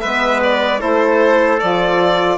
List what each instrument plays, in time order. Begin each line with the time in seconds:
0.00 bassoon G#3, saxophone B3, trumpet B4, violin E5
0.43 violin D5
0.79 bassoon A3, saxophone E4, trumpet A4, violin C5
1.59 bassoon F3, saxophone F4, violin D5